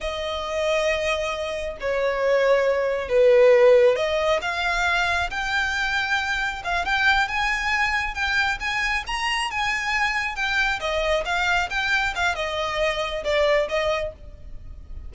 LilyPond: \new Staff \with { instrumentName = "violin" } { \time 4/4 \tempo 4 = 136 dis''1 | cis''2. b'4~ | b'4 dis''4 f''2 | g''2. f''8 g''8~ |
g''8 gis''2 g''4 gis''8~ | gis''8 ais''4 gis''2 g''8~ | g''8 dis''4 f''4 g''4 f''8 | dis''2 d''4 dis''4 | }